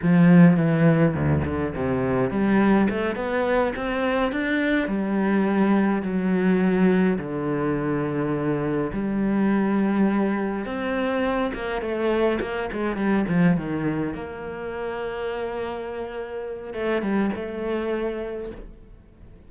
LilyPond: \new Staff \with { instrumentName = "cello" } { \time 4/4 \tempo 4 = 104 f4 e4 d,8 d8 c4 | g4 a8 b4 c'4 d'8~ | d'8 g2 fis4.~ | fis8 d2. g8~ |
g2~ g8 c'4. | ais8 a4 ais8 gis8 g8 f8 dis8~ | dis8 ais2.~ ais8~ | ais4 a8 g8 a2 | }